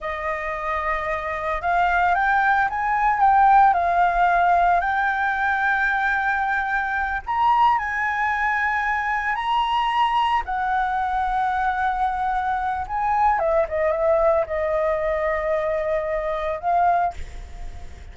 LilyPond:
\new Staff \with { instrumentName = "flute" } { \time 4/4 \tempo 4 = 112 dis''2. f''4 | g''4 gis''4 g''4 f''4~ | f''4 g''2.~ | g''4. ais''4 gis''4.~ |
gis''4. ais''2 fis''8~ | fis''1 | gis''4 e''8 dis''8 e''4 dis''4~ | dis''2. f''4 | }